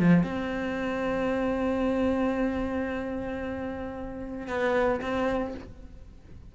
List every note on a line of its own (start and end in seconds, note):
0.00 0.24 F3
0.24 4.48 C4
4.48 5.01 B3
5.02 5.55 C4